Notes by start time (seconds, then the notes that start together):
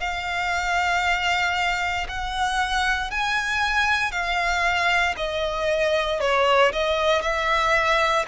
0.00 F5
2.08 F#5
3.11 G#5
4.11 F5
5.17 D#5
6.20 C#5
6.72 D#5
7.21 E5